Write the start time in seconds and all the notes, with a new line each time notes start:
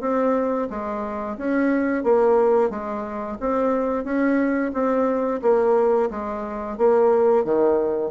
0.00 C4
0.70 G#3
1.37 C#4
2.03 A#3
2.70 G#3
3.40 C4
4.04 C#4
4.73 C4
5.42 A#3
6.10 G#3
6.77 A#3
7.44 D#3